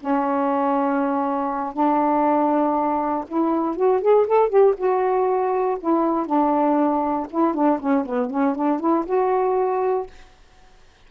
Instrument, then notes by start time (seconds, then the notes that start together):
saxophone
0.00 C#4
1.73 D4
3.28 E4
3.76 F#4
4.01 G#4
4.27 A4
4.49 G4
4.77 F#4
5.80 E4
6.26 D4
7.30 E4
7.54 D4
7.80 C#4
8.05 B3
8.30 C#4
8.55 D4
8.80 E4
9.06 F#4